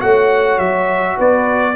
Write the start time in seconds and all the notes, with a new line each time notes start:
0.00 A3 F#4 C#5 F#5
0.58 F#3 E5
1.17 B3 B4 D5